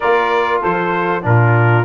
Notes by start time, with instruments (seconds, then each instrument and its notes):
0.00 tuba A#3, trombone F4, saxophone A#4, trumpet D5
0.59 tuba F3, saxophone A4, trumpet C5
1.22 tuba A#2, trombone D4, saxophone F4, trumpet A#4